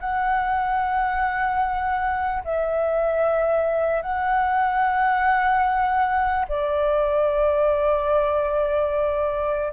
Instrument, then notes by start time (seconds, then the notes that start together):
flute
0.00 F#5
2.44 E5
4.02 F#5
6.48 D5